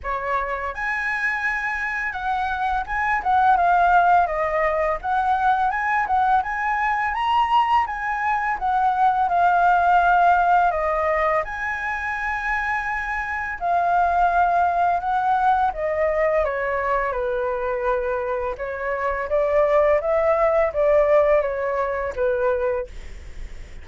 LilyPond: \new Staff \with { instrumentName = "flute" } { \time 4/4 \tempo 4 = 84 cis''4 gis''2 fis''4 | gis''8 fis''8 f''4 dis''4 fis''4 | gis''8 fis''8 gis''4 ais''4 gis''4 | fis''4 f''2 dis''4 |
gis''2. f''4~ | f''4 fis''4 dis''4 cis''4 | b'2 cis''4 d''4 | e''4 d''4 cis''4 b'4 | }